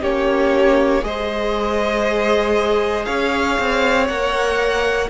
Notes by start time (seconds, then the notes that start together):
0.00 A#3 C#4 G4 C#5
1.01 G#3 G#4 C5 D#5
3.05 C#4 C#5 F5
3.59 C4
4.07 A#3 A#4 F#5